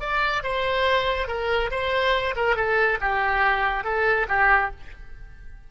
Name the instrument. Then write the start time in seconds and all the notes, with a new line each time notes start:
oboe
0.00 D5
0.43 C5
1.28 A#4
1.71 C5
2.36 A#4
2.56 A4
3.01 G4
3.84 A4
4.28 G4